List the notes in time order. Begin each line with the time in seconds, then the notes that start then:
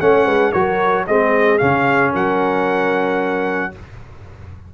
0.00 A3 C#4 C#5 F#5
0.24 G#3 B4
0.52 F#3 F#4 A#4 C#5
1.06 G#3 C4 G#4 D#5
1.58 C#3 C#4 F5
2.12 F#3 A#4 F#5